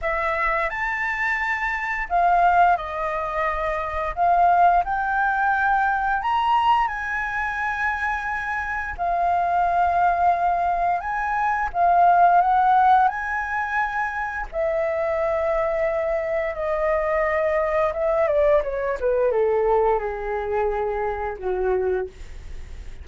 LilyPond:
\new Staff \with { instrumentName = "flute" } { \time 4/4 \tempo 4 = 87 e''4 a''2 f''4 | dis''2 f''4 g''4~ | g''4 ais''4 gis''2~ | gis''4 f''2. |
gis''4 f''4 fis''4 gis''4~ | gis''4 e''2. | dis''2 e''8 d''8 cis''8 b'8 | a'4 gis'2 fis'4 | }